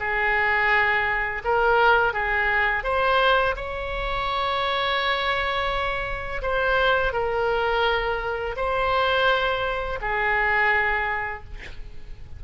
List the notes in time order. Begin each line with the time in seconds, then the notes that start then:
0.00 G#4
1.45 A#4
2.14 G#4
2.84 C5
3.56 C#5
6.42 C5
7.13 A#4
8.57 C5
10.01 G#4